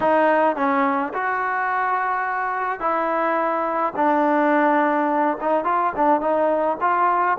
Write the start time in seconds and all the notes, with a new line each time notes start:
0.00 D#4
0.56 C#4
1.13 F#4
2.80 E4
3.96 D4
5.40 D#4
5.64 F4
5.96 D4
6.20 D#4
6.81 F4